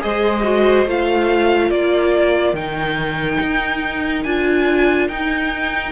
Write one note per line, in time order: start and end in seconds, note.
0.00 0.86 G#3
0.00 0.42 G#4
0.00 1.71 C5
0.00 0.87 D#5
0.44 0.86 F#4
0.86 1.70 A3
0.86 2.56 F4
0.86 1.71 F5
1.70 2.53 A#3
1.70 5.92 A#4
1.70 2.55 D5
2.53 3.38 D#3
2.53 4.26 D#4
2.53 4.23 G5
3.41 4.25 D#4
4.23 5.09 D4
4.23 5.11 F4
4.23 5.08 G#5
5.08 5.92 D#4
5.08 5.92 G5